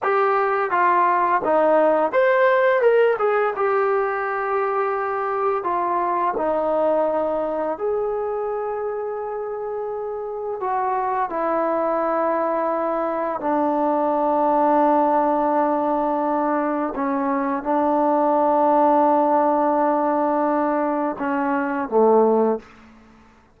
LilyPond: \new Staff \with { instrumentName = "trombone" } { \time 4/4 \tempo 4 = 85 g'4 f'4 dis'4 c''4 | ais'8 gis'8 g'2. | f'4 dis'2 gis'4~ | gis'2. fis'4 |
e'2. d'4~ | d'1 | cis'4 d'2.~ | d'2 cis'4 a4 | }